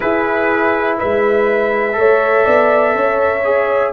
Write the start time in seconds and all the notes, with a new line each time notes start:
0.00 E4 G#4 B4
0.98 G#3 B4 E5
1.92 A3 A4 C#5
2.44 B3 D5
2.95 C#4 C#5
3.44 G#4